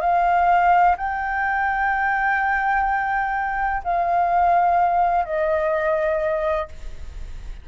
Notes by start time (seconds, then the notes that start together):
0.00 F5
0.97 G5
3.84 F5
5.25 D#5